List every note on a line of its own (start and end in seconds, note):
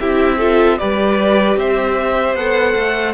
0.00 0.80 C4
0.00 0.40 E4
0.00 0.38 G4
0.00 0.79 E5
0.38 0.80 F4
0.38 0.78 A4
0.79 1.57 G3
0.79 2.38 G4
0.79 1.59 B4
0.79 1.58 D5
1.57 2.35 C4
1.57 3.14 C5
1.57 2.36 E5
2.35 2.75 B3
2.35 3.14 A4
2.35 3.14 F#5
2.76 3.14 A3